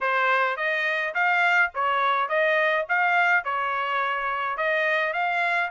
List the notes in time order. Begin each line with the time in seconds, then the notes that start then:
0.01 C5
0.56 D#5
1.14 F5
1.74 C#5
2.28 D#5
2.89 F5
3.44 C#5
4.57 D#5
5.13 F5